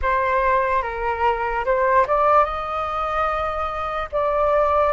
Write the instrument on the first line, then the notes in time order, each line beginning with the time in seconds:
flute
0.02 C5
0.82 A#4
1.65 C5
2.07 D5
2.44 D#5
4.11 D5